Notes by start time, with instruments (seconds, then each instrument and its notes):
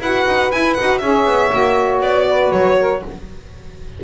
0.00 double bass E4, saxophone F#4 B4, violin F#5
0.26 double bass D#4
0.51 saxophone E4, double bass E4, violin G#5
0.74 double bass D#4, saxophone F#4, violin F#5
0.98 double bass C#4, saxophone G#4 C#5, violin E5
1.26 double bass B3
1.51 double bass A#3, saxophone F#4
2.01 double bass B3, violin D5
2.28 saxophone B4
2.52 double bass F#3, violin C#5
2.78 saxophone A#4